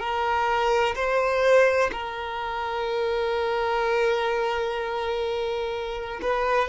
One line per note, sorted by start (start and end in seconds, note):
0.00 0.95 A#4
0.96 1.91 C5
1.92 6.21 A#4
6.22 6.69 B4